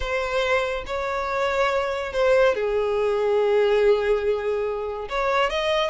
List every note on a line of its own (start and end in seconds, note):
0.00 0.84 C5
0.86 2.12 C#5
2.12 2.54 C5
2.54 5.08 G#4
5.09 5.49 C#5
5.49 5.90 D#5